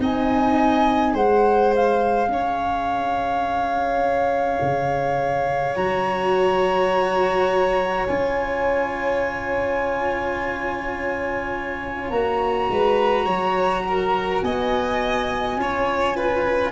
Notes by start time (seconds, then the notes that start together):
0.00 C4 D#4 D#5 G#5
1.14 G#3 G#4 C5 F#5
1.76 F5
2.29 C#4 C#5
4.62 C#3
5.76 F#3 F#4 A#5
8.07 C#4 F4 G#5
12.11 A#3 F#4 A#5
12.70 G#3 B4
13.26 F#3 C#5
13.88 A#4
14.42 B3 D#5 G#5
15.57 C#4 F4 C#5
16.17 B4